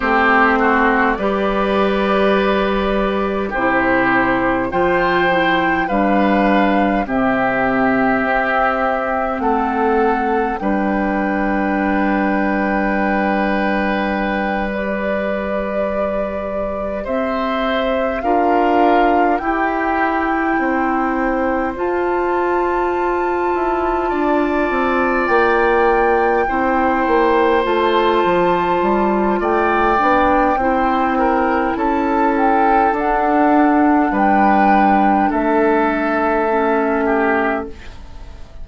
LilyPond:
<<
  \new Staff \with { instrumentName = "flute" } { \time 4/4 \tempo 4 = 51 c''4 d''2 c''4 | g''4 f''4 e''2 | fis''4 g''2.~ | g''8 d''2 e''4 f''8~ |
f''8 g''2 a''4.~ | a''4. g''2 a''8~ | a''4 g''2 a''8 g''8 | fis''4 g''4 e''2 | }
  \new Staff \with { instrumentName = "oboe" } { \time 4/4 g'8 fis'8 b'2 g'4 | c''4 b'4 g'2 | a'4 b'2.~ | b'2~ b'8 c''4 ais'8~ |
ais'8 g'4 c''2~ c''8~ | c''8 d''2 c''4.~ | c''4 d''4 c''8 ais'8 a'4~ | a'4 b'4 a'4. g'8 | }
  \new Staff \with { instrumentName = "clarinet" } { \time 4/4 c'4 g'2 e'4 | f'8 e'8 d'4 c'2~ | c'4 d'2.~ | d'8 g'2. f'8~ |
f'8 e'2 f'4.~ | f'2~ f'8 e'4 f'8~ | f'4. d'8 e'2 | d'2. cis'4 | }
  \new Staff \with { instrumentName = "bassoon" } { \time 4/4 a4 g2 c4 | f4 g4 c4 c'4 | a4 g2.~ | g2~ g8 c'4 d'8~ |
d'8 e'4 c'4 f'4. | e'8 d'8 c'8 ais4 c'8 ais8 a8 | f8 g8 a8 b8 c'4 cis'4 | d'4 g4 a2 | }
>>